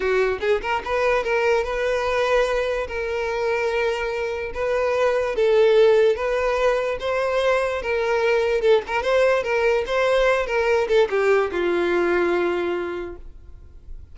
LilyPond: \new Staff \with { instrumentName = "violin" } { \time 4/4 \tempo 4 = 146 fis'4 gis'8 ais'8 b'4 ais'4 | b'2. ais'4~ | ais'2. b'4~ | b'4 a'2 b'4~ |
b'4 c''2 ais'4~ | ais'4 a'8 ais'8 c''4 ais'4 | c''4. ais'4 a'8 g'4 | f'1 | }